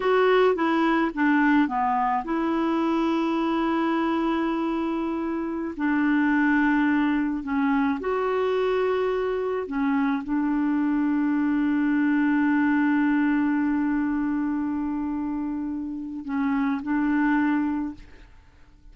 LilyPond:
\new Staff \with { instrumentName = "clarinet" } { \time 4/4 \tempo 4 = 107 fis'4 e'4 d'4 b4 | e'1~ | e'2~ e'16 d'4.~ d'16~ | d'4~ d'16 cis'4 fis'4.~ fis'16~ |
fis'4~ fis'16 cis'4 d'4.~ d'16~ | d'1~ | d'1~ | d'4 cis'4 d'2 | }